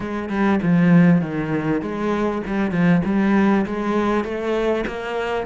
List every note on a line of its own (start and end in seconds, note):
0.00 0.29 G#3
0.29 0.59 G3
0.62 1.21 F3
1.21 1.81 D#3
1.81 2.42 G#3
2.46 2.71 G3
2.71 3.01 F3
3.04 3.65 G3
3.66 4.24 G#3
4.24 4.85 A3
4.87 5.46 A#3